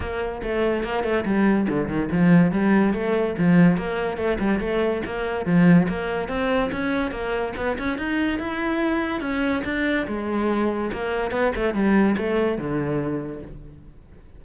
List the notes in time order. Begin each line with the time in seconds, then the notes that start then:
0.00 A#3
0.42 A3
0.83 A#3
1.03 A3
1.25 G3
1.68 D3
1.88 D#3
2.11 F3
2.51 G3
2.93 A3
3.38 F3
3.77 A#3
4.17 A3
4.39 G3
4.60 A3
5.05 A#3
5.45 F3
5.88 A#3
6.28 C4
6.71 C#4
7.11 A#3
7.56 B3
7.78 C#4
7.98 D#4
8.39 E4
9.21 C#4
9.64 D4
10.07 G#3
10.92 A#3
11.31 B3
11.55 A3
11.74 G3
12.17 A3
12.58 D3